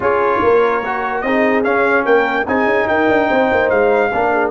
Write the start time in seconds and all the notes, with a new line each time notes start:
0.00 C#4 F4 G#4 C#5
0.41 A#3 A#4
0.85 F#4
1.20 C4 D#4 G#4 D#5
1.63 C#4 F5
2.05 A#3 A#4 G5
2.47 C4 D#4 G#4 G#5
2.65 C#4
2.87 D#4 A#4 G5
3.09 D4
3.28 C4 C5
3.51 A#3
3.69 G#3 F5
4.10 A#3 D4 A#4
4.31 G#4